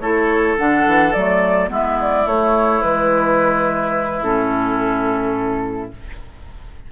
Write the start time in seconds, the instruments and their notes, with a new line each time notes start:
0.00 bassoon A3, clarinet E4, oboe A4, flute C#5
0.58 bassoon D3, clarinet D4, flute F#5
0.87 bassoon E3
1.13 bassoon F#3, clarinet A3, flute D5
1.68 bassoon G#3, clarinet B3, oboe E4, flute E5
2.01 flute D5
2.26 bassoon A3, clarinet A3, flute C#5
2.82 bassoon E3, clarinet G#3, flute B4
4.22 bassoon A2, clarinet C#4, flute A4